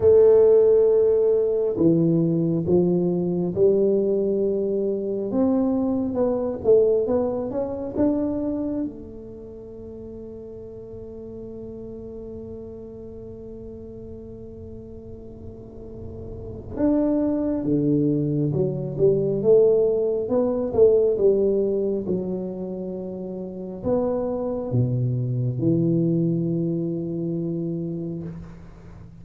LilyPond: \new Staff \with { instrumentName = "tuba" } { \time 4/4 \tempo 4 = 68 a2 e4 f4 | g2 c'4 b8 a8 | b8 cis'8 d'4 a2~ | a1~ |
a2. d'4 | d4 fis8 g8 a4 b8 a8 | g4 fis2 b4 | b,4 e2. | }